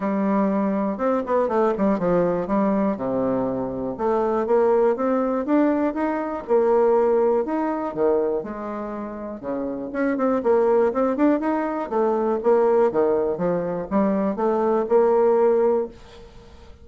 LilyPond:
\new Staff \with { instrumentName = "bassoon" } { \time 4/4 \tempo 4 = 121 g2 c'8 b8 a8 g8 | f4 g4 c2 | a4 ais4 c'4 d'4 | dis'4 ais2 dis'4 |
dis4 gis2 cis4 | cis'8 c'8 ais4 c'8 d'8 dis'4 | a4 ais4 dis4 f4 | g4 a4 ais2 | }